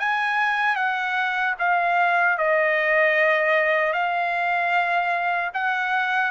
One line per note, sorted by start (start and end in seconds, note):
0.00 0.76 G#5
0.76 1.55 F#5
1.60 2.38 F5
2.38 3.94 D#5
3.94 5.52 F5
5.54 6.32 F#5